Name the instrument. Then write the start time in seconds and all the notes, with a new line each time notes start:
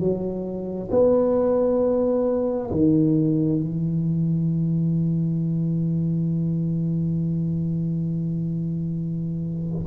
tuba
0.00 F#3
0.91 B3
2.71 D#3
3.60 E3